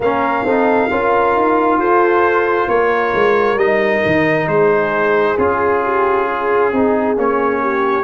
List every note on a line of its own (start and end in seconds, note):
0.00 0.44 A#3
0.00 0.47 C#4
0.00 0.44 A#4
0.00 1.79 F5
0.44 0.89 C4
0.44 0.90 D#4
0.44 0.89 A4
0.90 1.35 C#4
0.90 3.58 F4
0.90 1.79 A#4
1.36 1.77 D#4
1.77 2.67 F4
1.77 2.69 A4
1.77 2.69 C5
2.68 3.12 A#3
2.68 4.49 A#4
2.68 3.58 C#5
3.13 3.55 G#3
3.55 4.00 G3
3.55 5.37 D#4
3.55 4.47 D#5
4.05 4.47 D#3
4.47 5.36 G#3
4.47 5.83 G#4
4.47 5.37 C5
5.37 6.72 C#4
5.37 6.73 F4
5.37 7.17 G#4
5.83 6.26 G4
6.26 7.61 G#4
6.72 7.17 C4
6.72 7.16 D#4
7.16 8.04 A#3
7.16 8.04 C#4
7.16 8.04 C#5
7.61 8.04 G4